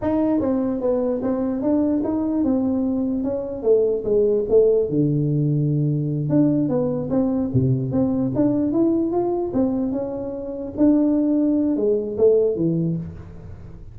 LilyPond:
\new Staff \with { instrumentName = "tuba" } { \time 4/4 \tempo 4 = 148 dis'4 c'4 b4 c'4 | d'4 dis'4 c'2 | cis'4 a4 gis4 a4 | d2.~ d8 d'8~ |
d'8 b4 c'4 c4 c'8~ | c'8 d'4 e'4 f'4 c'8~ | c'8 cis'2 d'4.~ | d'4 gis4 a4 e4 | }